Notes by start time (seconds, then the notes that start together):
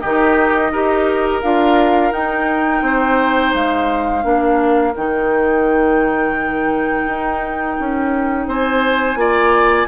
0.00 D#3 D#4 G4 D#5
0.71 D#4 G4 A#4
1.42 D4 F4 F5
2.12 D#4 G5
2.82 C4 C5
3.54 G#3 F5
4.22 A#3 D4 A#4
4.96 D#3 D#4 G5
7.06 D#4
7.80 C#4
8.47 C4 C5 G#5
9.16 A#3 F4 D5